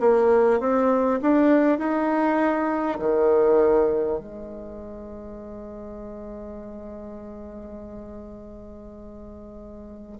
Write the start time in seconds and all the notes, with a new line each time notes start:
0.00 A#3
0.59 C4
1.22 D4
1.78 D#4
2.99 D#3
4.19 G#3